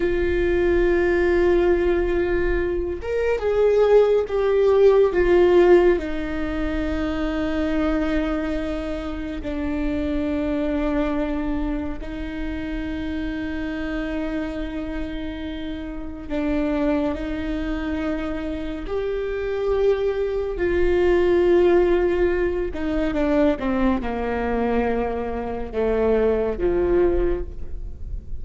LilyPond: \new Staff \with { instrumentName = "viola" } { \time 4/4 \tempo 4 = 70 f'2.~ f'8 ais'8 | gis'4 g'4 f'4 dis'4~ | dis'2. d'4~ | d'2 dis'2~ |
dis'2. d'4 | dis'2 g'2 | f'2~ f'8 dis'8 d'8 c'8 | ais2 a4 f4 | }